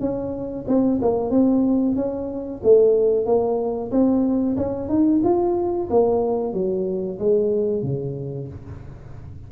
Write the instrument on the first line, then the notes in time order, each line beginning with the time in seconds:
tuba
0.00 C#4
0.67 C4
1.01 A#3
1.30 C4
1.95 C#4
2.63 A3
3.26 A#3
3.91 C4
4.57 C#4
4.89 D#4
5.24 F4
5.90 A#3
6.53 F#3
7.19 G#3
7.83 C#3